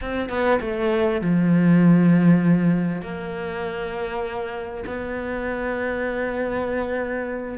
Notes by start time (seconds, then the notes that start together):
0.01 C4
0.29 B3
0.60 A3
1.21 F3
3.02 A#3
4.86 B3